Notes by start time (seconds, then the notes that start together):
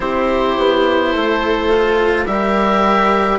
0.00 C4 E4 G4 C5
0.57 B3
1.12 A3 A4
1.69 F4
2.26 G3 G4 A#4 E5